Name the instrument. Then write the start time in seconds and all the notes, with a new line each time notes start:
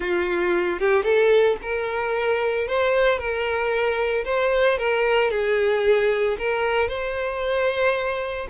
violin
0.00 F4
0.79 G4
1.03 A4
1.61 A#4
2.67 C5
3.18 A#4
4.24 C5
4.78 A#4
5.30 G#4
6.38 A#4
6.88 C5